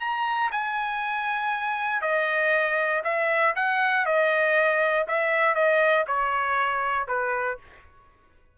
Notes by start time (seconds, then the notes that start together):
0.00 A#5
0.51 G#5
2.02 D#5
3.04 E5
3.55 F#5
4.05 D#5
5.07 E5
5.55 D#5
6.07 C#5
7.07 B4